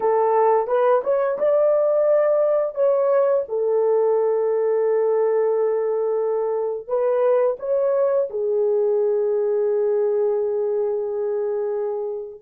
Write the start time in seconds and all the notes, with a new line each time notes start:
0.00 A4
0.67 B4
1.03 C#5
1.38 D5
2.74 C#5
3.48 A4
6.87 B4
7.59 C#5
8.30 G#4